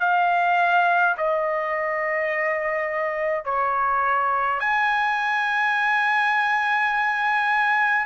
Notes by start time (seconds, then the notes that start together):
0.00 F5
1.17 D#5
3.45 C#5
4.60 G#5